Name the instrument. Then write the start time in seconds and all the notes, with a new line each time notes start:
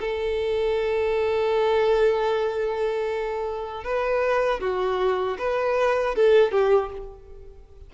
violin
0.00 A4
3.84 B4
4.60 F#4
5.38 B4
6.15 A4
6.52 G4